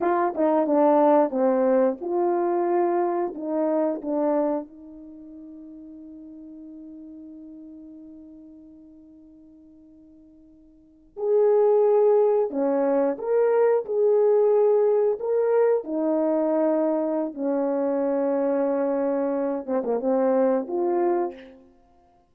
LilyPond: \new Staff \with { instrumentName = "horn" } { \time 4/4 \tempo 4 = 90 f'8 dis'8 d'4 c'4 f'4~ | f'4 dis'4 d'4 dis'4~ | dis'1~ | dis'1~ |
dis'8. gis'2 cis'4 ais'16~ | ais'8. gis'2 ais'4 dis'16~ | dis'2 cis'2~ | cis'4. c'16 ais16 c'4 f'4 | }